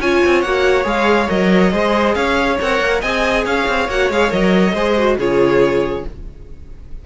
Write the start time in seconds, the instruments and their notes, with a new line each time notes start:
0.00 cello C#4, viola F4, violin C#5 G#5
0.25 cello C4
0.42 cello A#3, viola F#4, violin F#5
0.84 cello G#3, viola G#4, violin F5
1.30 cello F#3, viola A#4, violin D#5
1.72 cello G#3, viola G#4, violin C5
2.15 cello C#4, violin C#5 F5
2.61 cello C4, viola A#4, violin F#5
2.81 cello A#3
3.02 cello C4, viola G#4, violin D#5 G#5
3.45 cello C#4, violin C#5 F5
3.69 cello C4
3.89 cello A#3, viola F#4, violin F#5
4.10 cello G#3, viola G#4, violin F5
4.31 cello F#3, viola A#4, violin D#5
4.74 cello G#3, viola G#4, violin C5
4.98 viola F#4
5.18 cello C#3, viola F4, violin G#4 C#5